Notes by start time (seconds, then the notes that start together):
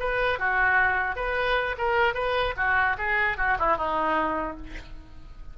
0.00 B4
0.39 F#4
1.16 B4
1.78 A#4
2.14 B4
2.57 F#4
2.98 G#4
3.37 F#4
3.59 E4
3.77 D#4